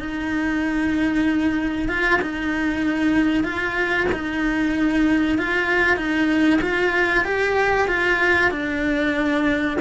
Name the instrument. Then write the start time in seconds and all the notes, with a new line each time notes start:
cello
0.00 D#4
1.89 F4
2.22 D#4
3.44 F4
4.12 D#4
5.38 F4
5.97 D#4
6.61 F4
7.25 G4
7.88 F4
8.51 D4